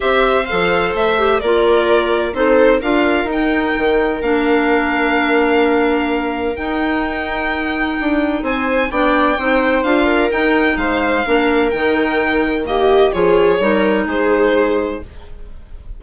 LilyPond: <<
  \new Staff \with { instrumentName = "violin" } { \time 4/4 \tempo 4 = 128 e''4 f''4 e''4 d''4~ | d''4 c''4 f''4 g''4~ | g''4 f''2.~ | f''2 g''2~ |
g''2 gis''4 g''4~ | g''4 f''4 g''4 f''4~ | f''4 g''2 dis''4 | cis''2 c''2 | }
  \new Staff \with { instrumentName = "viola" } { \time 4/4 c''2. ais'4~ | ais'4 a'4 ais'2~ | ais'1~ | ais'1~ |
ais'2 c''4 d''4 | c''4. ais'4. c''4 | ais'2. g'4 | gis'4 ais'4 gis'2 | }
  \new Staff \with { instrumentName = "clarinet" } { \time 4/4 g'4 a'4. g'8 f'4~ | f'4 dis'4 f'4 dis'4~ | dis'4 d'2.~ | d'2 dis'2~ |
dis'2. d'4 | dis'4 f'4 dis'2 | d'4 dis'2 ais4 | f'4 dis'2. | }
  \new Staff \with { instrumentName = "bassoon" } { \time 4/4 c'4 f4 a4 ais4~ | ais4 c'4 d'4 dis'4 | dis4 ais2.~ | ais2 dis'2~ |
dis'4 d'4 c'4 b4 | c'4 d'4 dis'4 gis4 | ais4 dis2. | f4 g4 gis2 | }
>>